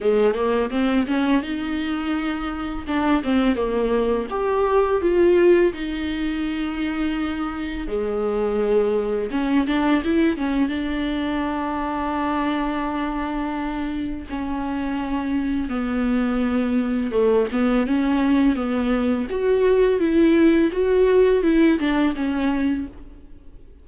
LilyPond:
\new Staff \with { instrumentName = "viola" } { \time 4/4 \tempo 4 = 84 gis8 ais8 c'8 cis'8 dis'2 | d'8 c'8 ais4 g'4 f'4 | dis'2. gis4~ | gis4 cis'8 d'8 e'8 cis'8 d'4~ |
d'1 | cis'2 b2 | a8 b8 cis'4 b4 fis'4 | e'4 fis'4 e'8 d'8 cis'4 | }